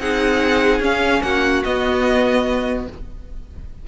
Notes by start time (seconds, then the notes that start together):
0.00 C4 D#4 G#4 F#5
0.80 C#4 F5
1.23 A#3 F#4 F#5
1.64 B3 D#5